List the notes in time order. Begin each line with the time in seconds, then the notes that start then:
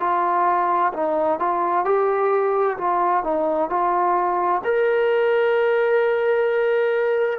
0.00 F4
0.93 D#4
1.39 F4
1.85 G4
2.78 F4
3.23 D#4
3.70 F4
4.64 A#4